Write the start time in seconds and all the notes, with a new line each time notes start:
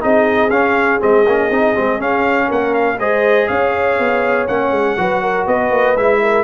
0.00 C4 D#4 G#4 D#5
0.50 C#4 F5
1.00 G#3 C4 D#5
1.27 A#3 C#4
1.50 C4 D#4
1.75 G#3 C4
1.99 C#4 F5
2.48 A#3 A#4 F#5
2.74 F5
2.99 G#3 G#4 C5 D#5
3.48 C#4 C#5 F5
3.99 B3
4.48 A#3 C#4 F#5
4.71 G#3
4.97 F#3 F#4 B4
5.22 A#4
5.46 B3 B4 D#5
5.71 A#3
5.96 G#3 E4 E5
6.22 A#4